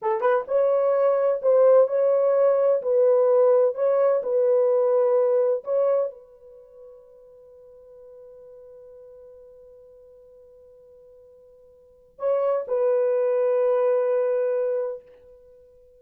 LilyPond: \new Staff \with { instrumentName = "horn" } { \time 4/4 \tempo 4 = 128 a'8 b'8 cis''2 c''4 | cis''2 b'2 | cis''4 b'2. | cis''4 b'2.~ |
b'1~ | b'1~ | b'2 cis''4 b'4~ | b'1 | }